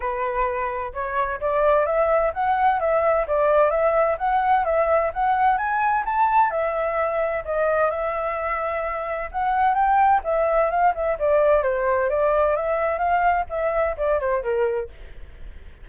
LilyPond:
\new Staff \with { instrumentName = "flute" } { \time 4/4 \tempo 4 = 129 b'2 cis''4 d''4 | e''4 fis''4 e''4 d''4 | e''4 fis''4 e''4 fis''4 | gis''4 a''4 e''2 |
dis''4 e''2. | fis''4 g''4 e''4 f''8 e''8 | d''4 c''4 d''4 e''4 | f''4 e''4 d''8 c''8 ais'4 | }